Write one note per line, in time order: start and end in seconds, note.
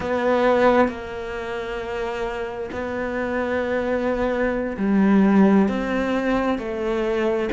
0.00 0.88 B3
0.88 2.70 A#3
2.72 4.76 B3
4.77 5.68 G3
5.68 6.58 C4
6.58 7.49 A3